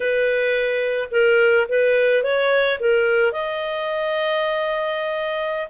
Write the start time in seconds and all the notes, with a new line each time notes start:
0.00 B4
1.11 A#4
1.68 B4
2.23 C#5
2.79 A#4
3.32 D#5